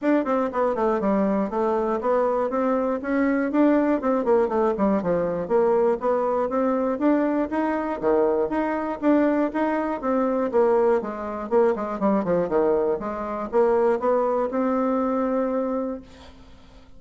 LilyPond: \new Staff \with { instrumentName = "bassoon" } { \time 4/4 \tempo 4 = 120 d'8 c'8 b8 a8 g4 a4 | b4 c'4 cis'4 d'4 | c'8 ais8 a8 g8 f4 ais4 | b4 c'4 d'4 dis'4 |
dis4 dis'4 d'4 dis'4 | c'4 ais4 gis4 ais8 gis8 | g8 f8 dis4 gis4 ais4 | b4 c'2. | }